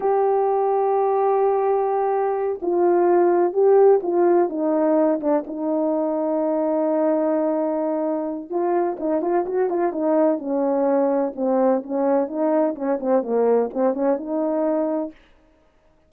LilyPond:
\new Staff \with { instrumentName = "horn" } { \time 4/4 \tempo 4 = 127 g'1~ | g'4. f'2 g'8~ | g'8 f'4 dis'4. d'8 dis'8~ | dis'1~ |
dis'2 f'4 dis'8 f'8 | fis'8 f'8 dis'4 cis'2 | c'4 cis'4 dis'4 cis'8 c'8 | ais4 c'8 cis'8 dis'2 | }